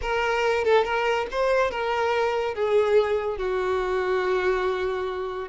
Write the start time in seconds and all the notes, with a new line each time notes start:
0.01 A#4
0.64 A4
0.84 A#4
1.31 C5
1.70 A#4
2.54 G#4
3.37 F#4